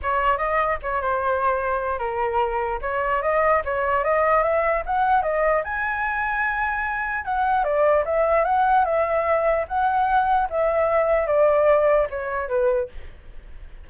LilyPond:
\new Staff \with { instrumentName = "flute" } { \time 4/4 \tempo 4 = 149 cis''4 dis''4 cis''8 c''4.~ | c''4 ais'2 cis''4 | dis''4 cis''4 dis''4 e''4 | fis''4 dis''4 gis''2~ |
gis''2 fis''4 d''4 | e''4 fis''4 e''2 | fis''2 e''2 | d''2 cis''4 b'4 | }